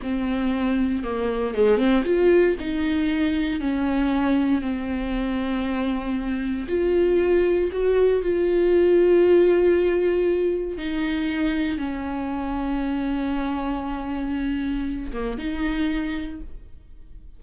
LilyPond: \new Staff \with { instrumentName = "viola" } { \time 4/4 \tempo 4 = 117 c'2 ais4 gis8 c'8 | f'4 dis'2 cis'4~ | cis'4 c'2.~ | c'4 f'2 fis'4 |
f'1~ | f'4 dis'2 cis'4~ | cis'1~ | cis'4. ais8 dis'2 | }